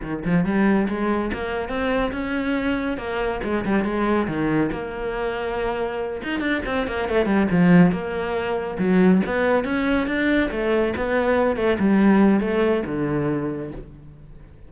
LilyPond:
\new Staff \with { instrumentName = "cello" } { \time 4/4 \tempo 4 = 140 dis8 f8 g4 gis4 ais4 | c'4 cis'2 ais4 | gis8 g8 gis4 dis4 ais4~ | ais2~ ais8 dis'8 d'8 c'8 |
ais8 a8 g8 f4 ais4.~ | ais8 fis4 b4 cis'4 d'8~ | d'8 a4 b4. a8 g8~ | g4 a4 d2 | }